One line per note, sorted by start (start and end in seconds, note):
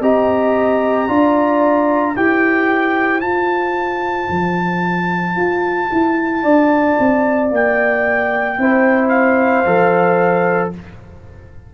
0.00 1.07 C4
0.00 1.08 G4
0.00 1.08 D#5
0.00 2.16 A#5
1.08 2.15 D4
1.08 2.15 F4
1.08 2.15 D5
2.15 3.21 E4
2.15 3.22 G4
2.15 6.42 C5
2.15 3.20 G5
3.20 4.29 F4
3.20 8.57 F4
3.20 7.49 A5
4.29 5.36 F3
5.36 5.89 F4
5.91 6.43 E4
6.42 6.97 D4
6.42 8.57 D5
6.99 7.50 C4
7.50 8.57 A#3
7.50 9.08 G5
8.57 9.65 C4
8.57 9.65 E4
8.57 10.74 C5
9.08 10.69 F5
9.65 10.73 F3
9.65 10.72 A4